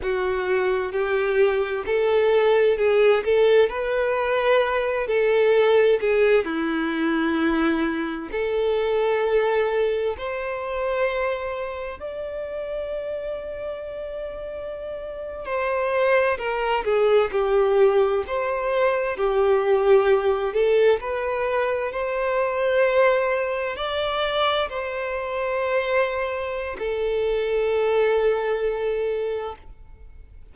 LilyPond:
\new Staff \with { instrumentName = "violin" } { \time 4/4 \tempo 4 = 65 fis'4 g'4 a'4 gis'8 a'8 | b'4. a'4 gis'8 e'4~ | e'4 a'2 c''4~ | c''4 d''2.~ |
d''8. c''4 ais'8 gis'8 g'4 c''16~ | c''8. g'4. a'8 b'4 c''16~ | c''4.~ c''16 d''4 c''4~ c''16~ | c''4 a'2. | }